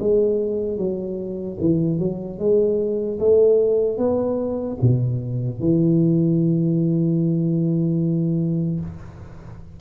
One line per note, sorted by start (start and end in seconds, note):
0.00 0.78 G#3
0.78 1.58 F#3
1.61 1.99 E3
1.99 2.39 F#3
2.39 3.19 G#3
3.20 3.98 A3
3.98 4.78 B3
4.82 5.61 B2
5.61 8.81 E3